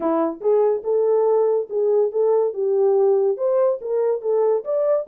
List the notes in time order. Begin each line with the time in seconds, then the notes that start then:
0.00 E4
0.40 G#4
0.83 A4
1.69 G#4
2.11 A4
2.53 G4
3.37 C5
3.81 A#4
4.21 A4
4.64 D5